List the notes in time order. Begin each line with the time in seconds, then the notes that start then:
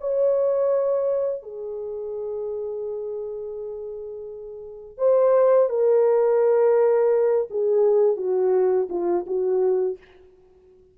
0.00 C#5
1.42 G#4
4.97 C5
5.69 A#4
7.50 G#4
8.16 F#4
8.89 F4
9.26 F#4